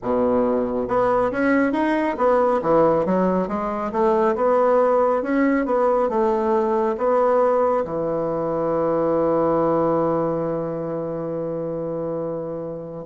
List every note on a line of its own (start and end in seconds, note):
0.02 0.87 B2
0.87 1.31 B3
1.31 1.72 C#4
1.72 2.15 D#4
2.17 2.60 B3
2.62 3.05 E3
3.05 3.48 F#3
3.48 3.91 G#3
3.91 4.35 A3
4.35 5.22 B3
5.22 5.65 C#4
5.65 6.09 B3
6.09 6.96 A3
6.97 7.84 B3
7.85 13.06 E3